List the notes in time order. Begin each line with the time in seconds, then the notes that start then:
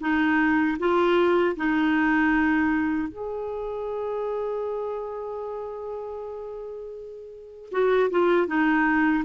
0.00 D#4
0.79 F4
1.56 D#4
3.08 G#4
7.71 F#4
8.10 F4
8.47 D#4